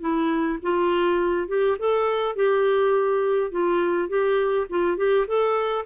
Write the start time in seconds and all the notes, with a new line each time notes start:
0.00 E4
0.62 F4
1.48 G4
1.78 A4
2.35 G4
3.51 F4
4.08 G4
4.69 F4
4.97 G4
5.27 A4